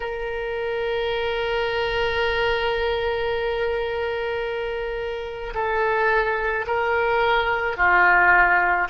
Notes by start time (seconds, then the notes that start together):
0.00 A#4
5.54 A4
6.67 A#4
7.76 F4